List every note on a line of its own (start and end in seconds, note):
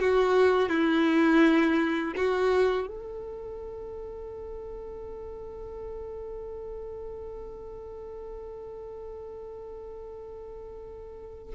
0.00 0.69 F#4
0.69 2.14 E4
2.16 2.87 F#4
2.87 11.55 A4